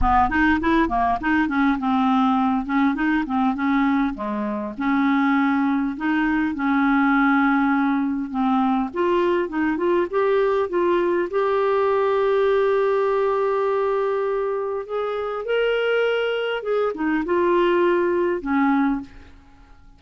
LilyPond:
\new Staff \with { instrumentName = "clarinet" } { \time 4/4 \tempo 4 = 101 b8 dis'8 e'8 ais8 dis'8 cis'8 c'4~ | c'8 cis'8 dis'8 c'8 cis'4 gis4 | cis'2 dis'4 cis'4~ | cis'2 c'4 f'4 |
dis'8 f'8 g'4 f'4 g'4~ | g'1~ | g'4 gis'4 ais'2 | gis'8 dis'8 f'2 cis'4 | }